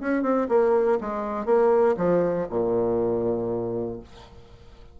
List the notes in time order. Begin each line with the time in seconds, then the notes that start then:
0.00 C#4
0.22 C4
0.48 A#3
1.00 G#3
1.45 A#3
1.97 F3
2.50 A#2